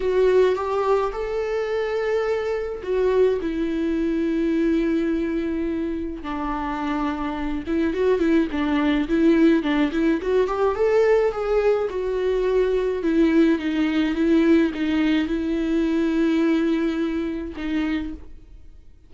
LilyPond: \new Staff \with { instrumentName = "viola" } { \time 4/4 \tempo 4 = 106 fis'4 g'4 a'2~ | a'4 fis'4 e'2~ | e'2. d'4~ | d'4. e'8 fis'8 e'8 d'4 |
e'4 d'8 e'8 fis'8 g'8 a'4 | gis'4 fis'2 e'4 | dis'4 e'4 dis'4 e'4~ | e'2. dis'4 | }